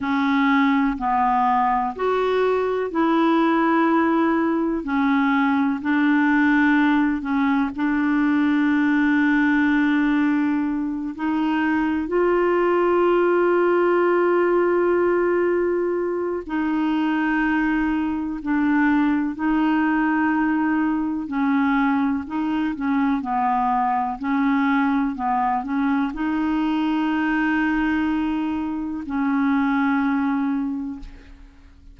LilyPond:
\new Staff \with { instrumentName = "clarinet" } { \time 4/4 \tempo 4 = 62 cis'4 b4 fis'4 e'4~ | e'4 cis'4 d'4. cis'8 | d'2.~ d'8 dis'8~ | dis'8 f'2.~ f'8~ |
f'4 dis'2 d'4 | dis'2 cis'4 dis'8 cis'8 | b4 cis'4 b8 cis'8 dis'4~ | dis'2 cis'2 | }